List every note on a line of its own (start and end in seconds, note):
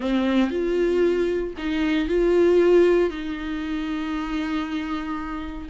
0.00 0.50 C4
0.50 1.54 F4
1.57 2.08 D#4
2.08 3.10 F4
3.10 5.68 D#4